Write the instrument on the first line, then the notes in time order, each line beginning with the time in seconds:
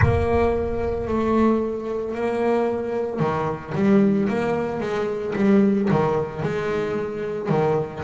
double bass
0.01 A#3
1.07 A3
2.14 A#3
3.19 D#3
3.75 G3
4.29 A#3
4.80 G#3
5.35 G3
5.90 D#3
6.42 G#3
7.49 D#3